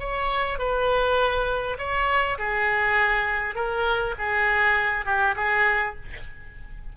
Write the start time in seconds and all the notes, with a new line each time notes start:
0.00 C#5
0.59 B4
1.79 C#5
2.38 G#4
3.56 A#4
4.19 G#4
5.06 G4
5.37 G#4